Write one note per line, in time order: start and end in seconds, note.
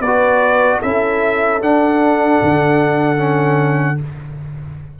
0.00 0.79 B3
0.00 0.82 F#4
0.00 0.78 B4
0.00 0.80 D5
0.78 1.61 C#4
0.78 1.60 E4
0.78 3.94 A4
0.78 1.61 E5
1.60 3.17 D4
1.60 2.40 D4
1.60 3.99 F#5
2.41 3.99 D3
3.17 3.96 C#4